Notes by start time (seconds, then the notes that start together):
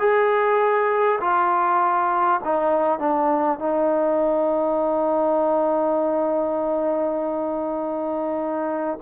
0.00 G#4
1.21 F4
2.45 D#4
2.99 D4
3.59 D#4